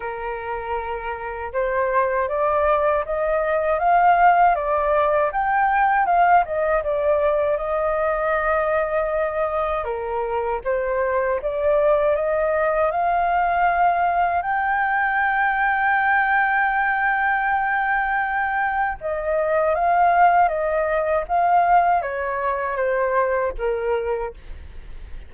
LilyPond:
\new Staff \with { instrumentName = "flute" } { \time 4/4 \tempo 4 = 79 ais'2 c''4 d''4 | dis''4 f''4 d''4 g''4 | f''8 dis''8 d''4 dis''2~ | dis''4 ais'4 c''4 d''4 |
dis''4 f''2 g''4~ | g''1~ | g''4 dis''4 f''4 dis''4 | f''4 cis''4 c''4 ais'4 | }